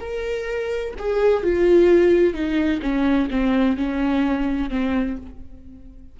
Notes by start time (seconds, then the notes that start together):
0.00 A#4
0.98 G#4
1.43 F4
2.33 D#4
2.82 C#4
3.30 C4
3.76 C#4
4.70 C4